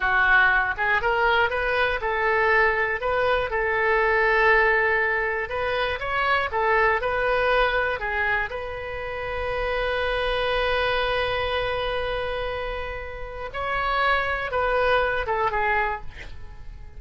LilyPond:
\new Staff \with { instrumentName = "oboe" } { \time 4/4 \tempo 4 = 120 fis'4. gis'8 ais'4 b'4 | a'2 b'4 a'4~ | a'2. b'4 | cis''4 a'4 b'2 |
gis'4 b'2.~ | b'1~ | b'2. cis''4~ | cis''4 b'4. a'8 gis'4 | }